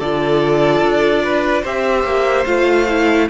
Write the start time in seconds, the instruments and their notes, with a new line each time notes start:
0.00 cello D3, viola F4, violin A4 D5
0.82 cello D4
1.24 violin B4
1.62 cello C4, viola G4, violin C5 E5
2.04 cello A#3
2.46 cello A3, viola F4, violin F5
2.89 viola E4